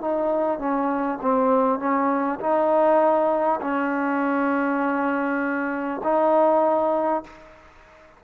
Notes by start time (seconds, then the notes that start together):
0.00 D#4
0.58 C#4
1.21 C4
1.79 C#4
2.39 D#4
3.61 C#4
6.03 D#4